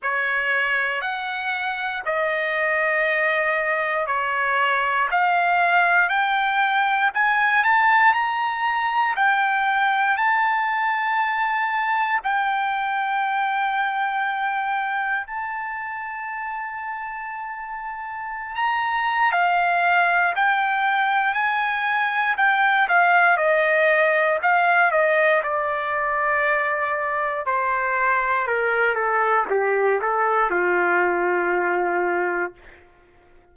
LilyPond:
\new Staff \with { instrumentName = "trumpet" } { \time 4/4 \tempo 4 = 59 cis''4 fis''4 dis''2 | cis''4 f''4 g''4 gis''8 a''8 | ais''4 g''4 a''2 | g''2. a''4~ |
a''2~ a''16 ais''8. f''4 | g''4 gis''4 g''8 f''8 dis''4 | f''8 dis''8 d''2 c''4 | ais'8 a'8 g'8 a'8 f'2 | }